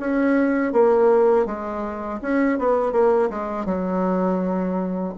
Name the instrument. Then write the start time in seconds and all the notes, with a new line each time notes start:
bassoon
0.00 C#4
0.73 A#3
1.46 G#3
2.23 C#4
2.59 B3
2.93 A#3
3.30 G#3
3.66 F#3